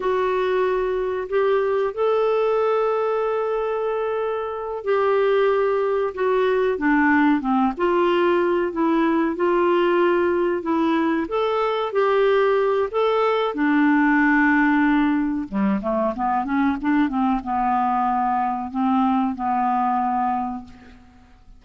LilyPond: \new Staff \with { instrumentName = "clarinet" } { \time 4/4 \tempo 4 = 93 fis'2 g'4 a'4~ | a'2.~ a'8 g'8~ | g'4. fis'4 d'4 c'8 | f'4. e'4 f'4.~ |
f'8 e'4 a'4 g'4. | a'4 d'2. | g8 a8 b8 cis'8 d'8 c'8 b4~ | b4 c'4 b2 | }